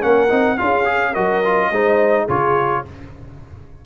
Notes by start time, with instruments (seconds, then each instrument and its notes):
0.00 tuba A#3, trombone C#4, horn A#4, trumpet F#5
0.29 tuba C4, trombone D#4
0.58 tuba C#4, trombone F4, horn G#4, trumpet F5
0.84 trombone G#4
1.11 tuba F#3, trombone F#4, horn A#4, trumpet D#5
1.44 trombone F4
1.71 tuba G#3, trombone D#4, horn C5
2.24 tuba C#3, trombone F4, horn G#4, trumpet C#5